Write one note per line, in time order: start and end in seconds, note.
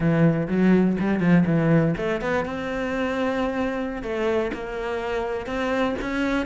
0.00 0.47 E3
0.48 0.96 F#3
1.00 1.20 G3
1.20 1.44 F3
1.46 1.94 E3
1.97 2.21 A3
2.21 2.45 B3
2.45 4.02 C4
4.02 4.51 A3
4.53 5.46 A#3
5.46 5.95 C4
6.01 6.46 C#4